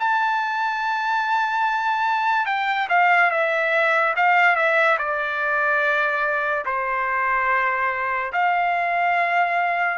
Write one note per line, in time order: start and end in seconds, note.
0.00 2.46 A5
2.46 2.88 G5
2.89 3.31 F5
3.31 4.14 E5
4.17 4.56 F5
4.56 4.98 E5
4.98 6.65 D5
6.66 8.33 C5
8.33 9.98 F5